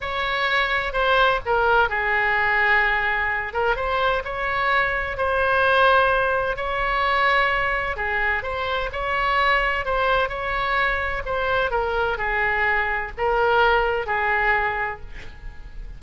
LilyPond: \new Staff \with { instrumentName = "oboe" } { \time 4/4 \tempo 4 = 128 cis''2 c''4 ais'4 | gis'2.~ gis'8 ais'8 | c''4 cis''2 c''4~ | c''2 cis''2~ |
cis''4 gis'4 c''4 cis''4~ | cis''4 c''4 cis''2 | c''4 ais'4 gis'2 | ais'2 gis'2 | }